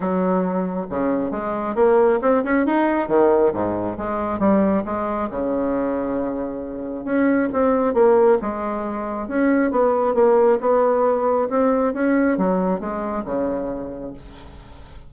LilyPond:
\new Staff \with { instrumentName = "bassoon" } { \time 4/4 \tempo 4 = 136 fis2 cis4 gis4 | ais4 c'8 cis'8 dis'4 dis4 | gis,4 gis4 g4 gis4 | cis1 |
cis'4 c'4 ais4 gis4~ | gis4 cis'4 b4 ais4 | b2 c'4 cis'4 | fis4 gis4 cis2 | }